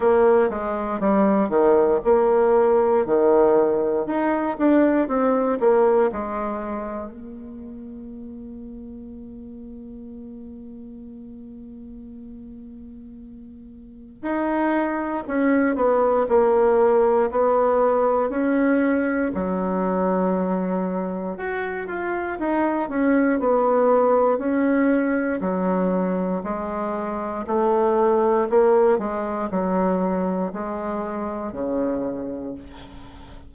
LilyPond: \new Staff \with { instrumentName = "bassoon" } { \time 4/4 \tempo 4 = 59 ais8 gis8 g8 dis8 ais4 dis4 | dis'8 d'8 c'8 ais8 gis4 ais4~ | ais1~ | ais2 dis'4 cis'8 b8 |
ais4 b4 cis'4 fis4~ | fis4 fis'8 f'8 dis'8 cis'8 b4 | cis'4 fis4 gis4 a4 | ais8 gis8 fis4 gis4 cis4 | }